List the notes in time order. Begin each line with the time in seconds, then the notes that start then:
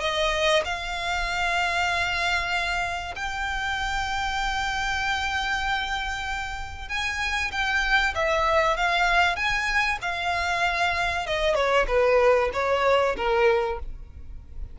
0.00 D#5
0.64 F5
3.15 G5
6.88 G#5
7.51 G5
8.14 E5
8.76 F5
9.36 G#5
10.01 F5
11.26 D#5
11.55 C#5
11.88 B4
12.53 C#5
13.16 A#4